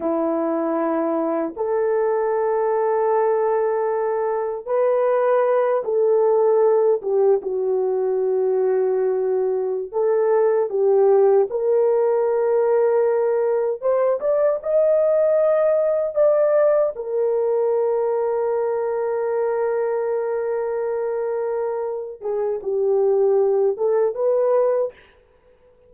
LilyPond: \new Staff \with { instrumentName = "horn" } { \time 4/4 \tempo 4 = 77 e'2 a'2~ | a'2 b'4. a'8~ | a'4 g'8 fis'2~ fis'8~ | fis'8. a'4 g'4 ais'4~ ais'16~ |
ais'4.~ ais'16 c''8 d''8 dis''4~ dis''16~ | dis''8. d''4 ais'2~ ais'16~ | ais'1~ | ais'8 gis'8 g'4. a'8 b'4 | }